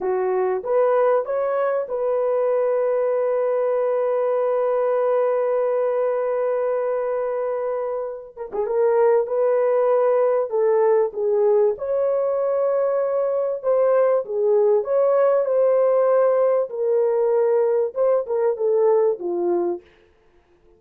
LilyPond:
\new Staff \with { instrumentName = "horn" } { \time 4/4 \tempo 4 = 97 fis'4 b'4 cis''4 b'4~ | b'1~ | b'1~ | b'4. ais'16 gis'16 ais'4 b'4~ |
b'4 a'4 gis'4 cis''4~ | cis''2 c''4 gis'4 | cis''4 c''2 ais'4~ | ais'4 c''8 ais'8 a'4 f'4 | }